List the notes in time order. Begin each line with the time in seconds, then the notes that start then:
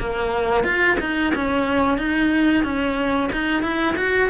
0.00 A#3
0.64 F4
1.00 D#4
1.35 C#4
1.98 D#4
2.64 C#4
3.32 D#4
3.63 E4
3.97 F#4